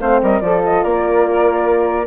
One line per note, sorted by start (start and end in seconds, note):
0.00 0.22 A3
0.00 0.41 C4
0.00 0.21 C5
0.00 0.21 F5
0.22 0.41 G3
0.22 0.43 A#4
0.22 0.40 D#5
0.40 0.83 F3
0.40 2.06 F4
0.40 0.84 A4
0.40 0.61 D5
0.64 0.83 D#5
0.83 2.07 A#3
0.83 2.07 A#4
0.83 2.07 D5